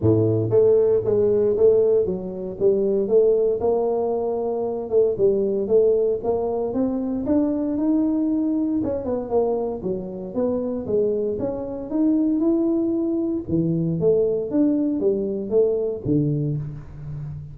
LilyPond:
\new Staff \with { instrumentName = "tuba" } { \time 4/4 \tempo 4 = 116 a,4 a4 gis4 a4 | fis4 g4 a4 ais4~ | ais4. a8 g4 a4 | ais4 c'4 d'4 dis'4~ |
dis'4 cis'8 b8 ais4 fis4 | b4 gis4 cis'4 dis'4 | e'2 e4 a4 | d'4 g4 a4 d4 | }